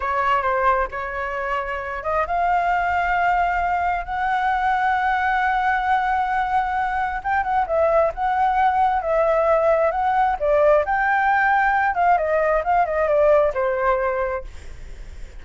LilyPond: \new Staff \with { instrumentName = "flute" } { \time 4/4 \tempo 4 = 133 cis''4 c''4 cis''2~ | cis''8 dis''8 f''2.~ | f''4 fis''2.~ | fis''1 |
g''8 fis''8 e''4 fis''2 | e''2 fis''4 d''4 | g''2~ g''8 f''8 dis''4 | f''8 dis''8 d''4 c''2 | }